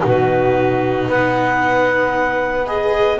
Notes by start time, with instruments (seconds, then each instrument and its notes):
0.00 double bass B2, viola D#4, saxophone F#4
0.06 clarinet B4
1.08 double bass B3, saxophone B4, clarinet F#5
2.67 viola G#4, clarinet D#5